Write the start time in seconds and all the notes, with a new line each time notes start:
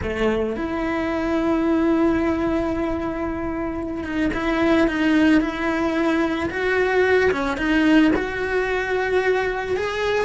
0.02 A3
0.56 E4
4.03 D#4
4.33 E4
4.87 D#4
5.41 E4
6.50 F#4
7.31 C#4
7.57 D#4
8.15 F#4
9.76 G#4